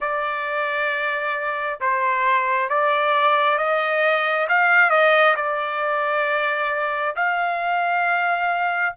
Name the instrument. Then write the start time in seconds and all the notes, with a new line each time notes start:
trumpet
0.00 D5
1.80 C5
2.69 D5
3.57 D#5
4.49 F5
4.90 D#5
5.36 D5
7.16 F5